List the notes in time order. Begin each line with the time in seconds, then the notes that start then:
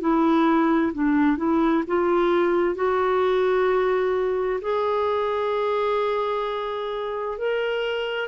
0.00 E4
0.93 D4
1.37 E4
1.87 F4
2.75 F#4
4.61 G#4
7.38 A#4